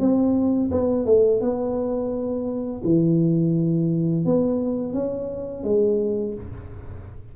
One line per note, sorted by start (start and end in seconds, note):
0.00 0.71 C4
0.71 1.06 B3
1.06 1.41 A3
1.41 2.82 B3
2.84 4.25 E3
4.25 4.93 B3
4.93 5.64 C#4
5.64 6.34 G#3